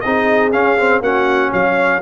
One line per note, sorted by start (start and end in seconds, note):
0.00 0.54 C4
0.00 0.52 D#4
0.00 1.02 G#4
0.00 0.50 D#5
0.52 0.77 C#4
0.52 1.00 C#4
0.52 1.02 F5
0.77 1.02 C4
1.00 1.50 A#3
1.00 2.01 C#4
1.00 1.51 F#4
1.00 1.52 F#5
1.51 2.01 F#3
1.51 2.01 C#5
1.51 2.01 F5